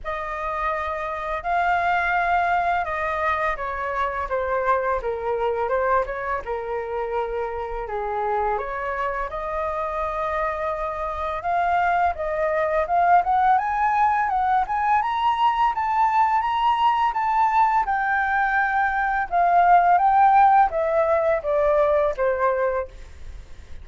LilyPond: \new Staff \with { instrumentName = "flute" } { \time 4/4 \tempo 4 = 84 dis''2 f''2 | dis''4 cis''4 c''4 ais'4 | c''8 cis''8 ais'2 gis'4 | cis''4 dis''2. |
f''4 dis''4 f''8 fis''8 gis''4 | fis''8 gis''8 ais''4 a''4 ais''4 | a''4 g''2 f''4 | g''4 e''4 d''4 c''4 | }